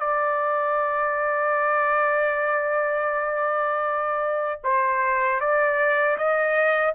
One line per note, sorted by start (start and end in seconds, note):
0.00 4.62 D5
4.64 5.41 C5
5.41 6.17 D5
6.18 6.95 D#5